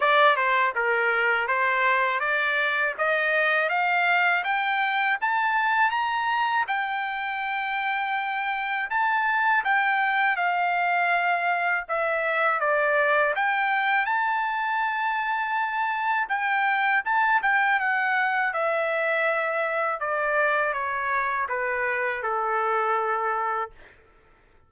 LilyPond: \new Staff \with { instrumentName = "trumpet" } { \time 4/4 \tempo 4 = 81 d''8 c''8 ais'4 c''4 d''4 | dis''4 f''4 g''4 a''4 | ais''4 g''2. | a''4 g''4 f''2 |
e''4 d''4 g''4 a''4~ | a''2 g''4 a''8 g''8 | fis''4 e''2 d''4 | cis''4 b'4 a'2 | }